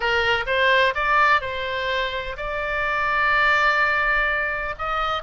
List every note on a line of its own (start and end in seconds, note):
0.00 0.45 A#4
0.46 0.94 C5
0.94 1.41 D5
1.41 2.36 C5
2.37 4.75 D5
4.78 5.23 D#5